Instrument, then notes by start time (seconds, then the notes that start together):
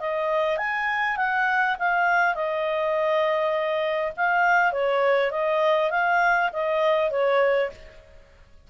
clarinet
0.00 D#5
0.58 G#5
1.17 F#5
1.79 F5
2.34 D#5
4.17 F5
4.72 C#5
5.31 D#5
5.91 F5
6.53 D#5
7.11 C#5